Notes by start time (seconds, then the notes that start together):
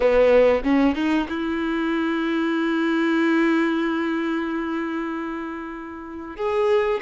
0.00 B3
0.63 C#4
0.95 D#4
1.29 E4
6.36 G#4